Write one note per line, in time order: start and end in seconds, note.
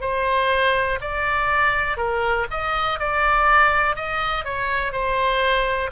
0.00 0.98 C5
1.01 1.97 D5
1.97 2.46 A#4
2.50 2.99 D#5
2.99 3.96 D5
3.96 4.44 D#5
4.44 4.92 C#5
4.92 5.90 C5